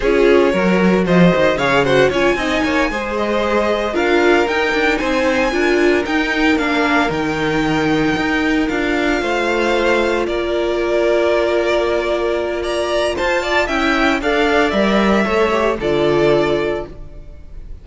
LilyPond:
<<
  \new Staff \with { instrumentName = "violin" } { \time 4/4 \tempo 4 = 114 cis''2 dis''4 f''8 fis''8 | gis''2 dis''4. f''8~ | f''8 g''4 gis''2 g''8~ | g''8 f''4 g''2~ g''8~ |
g''8 f''2. d''8~ | d''1 | ais''4 a''4 g''4 f''4 | e''2 d''2 | }
  \new Staff \with { instrumentName = "violin" } { \time 4/4 gis'4 ais'4 c''4 cis''8 c''8 | cis''8 dis''8 cis''8 c''2 ais'8~ | ais'4. c''4 ais'4.~ | ais'1~ |
ais'4. c''2 ais'8~ | ais'1 | d''4 c''8 d''8 e''4 d''4~ | d''4 cis''4 a'2 | }
  \new Staff \with { instrumentName = "viola" } { \time 4/4 f'4 fis'2 gis'8 fis'8 | f'8 dis'4 gis'2 f'8~ | f'8 dis'2 f'4 dis'8~ | dis'8 d'4 dis'2~ dis'8~ |
dis'8 f'2.~ f'8~ | f'1~ | f'2 e'4 a'4 | ais'4 a'8 g'8 f'2 | }
  \new Staff \with { instrumentName = "cello" } { \time 4/4 cis'4 fis4 f8 dis8 cis4 | cis'8 c'8 ais8 gis2 d'8~ | d'8 dis'8 d'8 c'4 d'4 dis'8~ | dis'8 ais4 dis2 dis'8~ |
dis'8 d'4 a2 ais8~ | ais1~ | ais4 f'4 cis'4 d'4 | g4 a4 d2 | }
>>